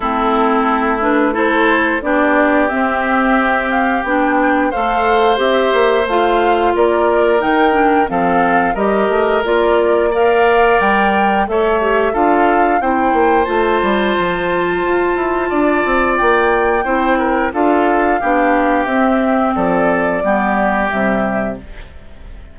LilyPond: <<
  \new Staff \with { instrumentName = "flute" } { \time 4/4 \tempo 4 = 89 a'4. b'8 c''4 d''4 | e''4. f''8 g''4 f''4 | e''4 f''4 d''4 g''4 | f''4 dis''4 d''4 f''4 |
g''4 e''4 f''4 g''4 | a''1 | g''2 f''2 | e''4 d''2 e''4 | }
  \new Staff \with { instrumentName = "oboe" } { \time 4/4 e'2 a'4 g'4~ | g'2. c''4~ | c''2 ais'2 | a'4 ais'2 d''4~ |
d''4 cis''4 a'4 c''4~ | c''2. d''4~ | d''4 c''8 ais'8 a'4 g'4~ | g'4 a'4 g'2 | }
  \new Staff \with { instrumentName = "clarinet" } { \time 4/4 c'4. d'8 e'4 d'4 | c'2 d'4 a'4 | g'4 f'2 dis'8 d'8 | c'4 g'4 f'4 ais'4~ |
ais'4 a'8 g'8 f'4 e'4 | f'1~ | f'4 e'4 f'4 d'4 | c'2 b4 g4 | }
  \new Staff \with { instrumentName = "bassoon" } { \time 4/4 a2. b4 | c'2 b4 a4 | c'8 ais8 a4 ais4 dis4 | f4 g8 a8 ais2 |
g4 a4 d'4 c'8 ais8 | a8 g8 f4 f'8 e'8 d'8 c'8 | ais4 c'4 d'4 b4 | c'4 f4 g4 c4 | }
>>